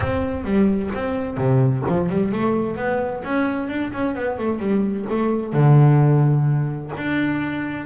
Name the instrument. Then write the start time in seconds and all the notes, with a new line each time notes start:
double bass
0.00 C4
0.44 G3
0.94 C4
1.37 C3
1.88 F3
2.09 G3
2.31 A3
2.76 B3
3.24 C#4
3.68 D4
3.92 C#4
4.15 B3
4.38 A3
4.59 G3
5.09 A3
5.53 D3
6.96 D4